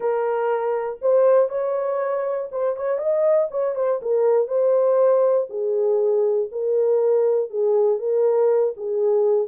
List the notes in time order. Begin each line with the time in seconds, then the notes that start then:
0.00 A#4
1.01 C5
1.49 C#5
2.51 C5
2.76 C#5
2.98 D#5
3.50 C#5
3.75 C5
4.02 A#4
4.47 C5
5.49 G#4
6.51 A#4
7.50 G#4
7.98 A#4
8.77 G#4